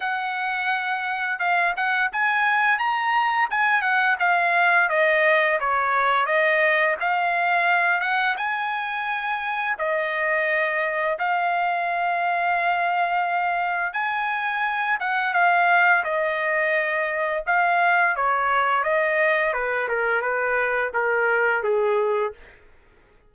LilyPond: \new Staff \with { instrumentName = "trumpet" } { \time 4/4 \tempo 4 = 86 fis''2 f''8 fis''8 gis''4 | ais''4 gis''8 fis''8 f''4 dis''4 | cis''4 dis''4 f''4. fis''8 | gis''2 dis''2 |
f''1 | gis''4. fis''8 f''4 dis''4~ | dis''4 f''4 cis''4 dis''4 | b'8 ais'8 b'4 ais'4 gis'4 | }